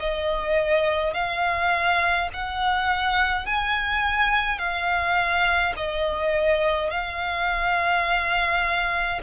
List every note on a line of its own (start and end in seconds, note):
0.00 1.14 D#5
1.14 2.30 F5
2.34 3.47 F#5
3.47 4.59 G#5
4.59 5.74 F5
5.77 6.91 D#5
6.91 9.22 F5